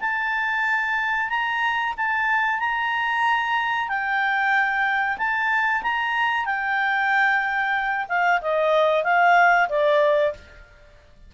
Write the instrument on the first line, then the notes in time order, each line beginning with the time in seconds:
clarinet
0.00 A5
1.29 A#5
1.97 A5
2.60 A#5
3.88 G5
5.18 A5
5.82 A#5
6.45 G5
8.08 F5
8.41 D#5
9.04 F5
9.69 D5